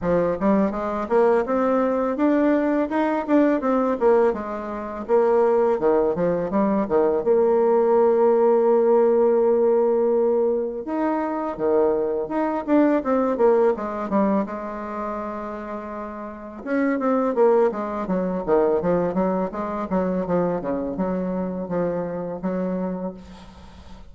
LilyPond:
\new Staff \with { instrumentName = "bassoon" } { \time 4/4 \tempo 4 = 83 f8 g8 gis8 ais8 c'4 d'4 | dis'8 d'8 c'8 ais8 gis4 ais4 | dis8 f8 g8 dis8 ais2~ | ais2. dis'4 |
dis4 dis'8 d'8 c'8 ais8 gis8 g8 | gis2. cis'8 c'8 | ais8 gis8 fis8 dis8 f8 fis8 gis8 fis8 | f8 cis8 fis4 f4 fis4 | }